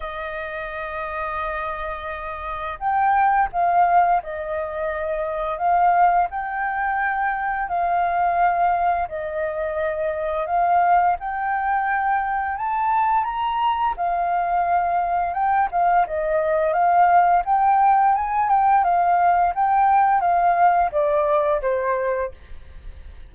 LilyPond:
\new Staff \with { instrumentName = "flute" } { \time 4/4 \tempo 4 = 86 dis''1 | g''4 f''4 dis''2 | f''4 g''2 f''4~ | f''4 dis''2 f''4 |
g''2 a''4 ais''4 | f''2 g''8 f''8 dis''4 | f''4 g''4 gis''8 g''8 f''4 | g''4 f''4 d''4 c''4 | }